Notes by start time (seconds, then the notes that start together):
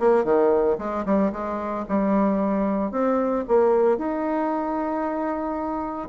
0.00 A#3
0.25 D#3
0.79 G#3
1.06 G3
1.33 G#3
1.89 G3
2.92 C4
3.48 A#3
3.98 D#4